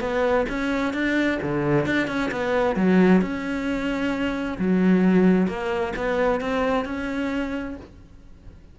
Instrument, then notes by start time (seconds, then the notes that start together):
cello
0.00 B3
0.49 C#4
0.93 D4
1.42 D3
1.85 D4
2.07 C#4
2.31 B3
2.76 F#3
3.21 C#4
4.58 F#3
5.47 A#3
5.96 B3
6.40 C4
6.85 C#4